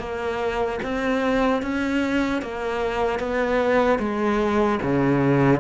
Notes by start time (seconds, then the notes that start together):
0.00 A#3
0.83 C4
1.63 C#4
2.42 A#3
3.20 B3
4.00 G#3
4.83 C#3